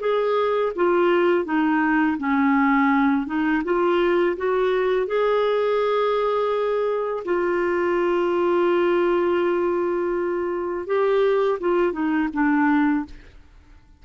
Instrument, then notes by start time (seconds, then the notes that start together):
clarinet
0.00 G#4
0.76 F4
1.45 D#4
2.18 C#4
3.26 D#4
3.64 F4
4.37 F#4
5.07 G#4
7.25 F4
10.86 G4
11.60 F4
11.92 D#4
12.33 D4